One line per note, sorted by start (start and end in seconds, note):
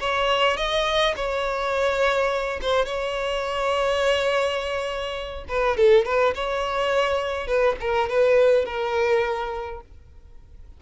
0.00 0.57 C#5
0.57 1.14 D#5
1.16 2.60 C#5
2.61 2.85 C5
2.85 5.45 C#5
5.48 5.77 B4
5.77 6.05 A4
6.05 6.34 B4
6.35 7.47 C#5
7.47 7.76 B4
7.80 8.09 A#4
8.09 8.65 B4
8.65 9.81 A#4